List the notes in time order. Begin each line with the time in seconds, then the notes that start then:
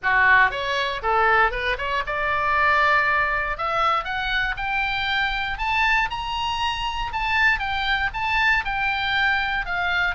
0.03 F#4
0.50 C#5
1.02 A4
1.51 B4
1.78 C#5
2.06 D5
3.57 E5
4.04 F#5
4.56 G5
5.58 A5
6.10 A#5
7.12 A5
7.59 G5
8.13 A5
8.64 G5
9.65 F5